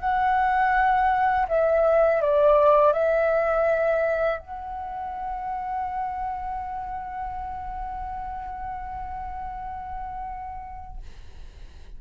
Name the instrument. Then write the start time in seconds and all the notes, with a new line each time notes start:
flute
0.00 F#5
1.48 E5
2.22 D5
2.93 E5
4.39 F#5